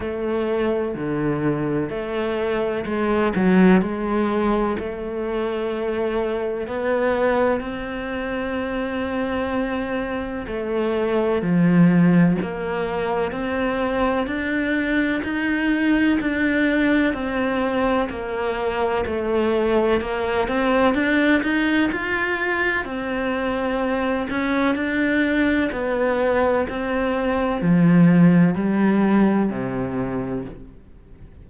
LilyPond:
\new Staff \with { instrumentName = "cello" } { \time 4/4 \tempo 4 = 63 a4 d4 a4 gis8 fis8 | gis4 a2 b4 | c'2. a4 | f4 ais4 c'4 d'4 |
dis'4 d'4 c'4 ais4 | a4 ais8 c'8 d'8 dis'8 f'4 | c'4. cis'8 d'4 b4 | c'4 f4 g4 c4 | }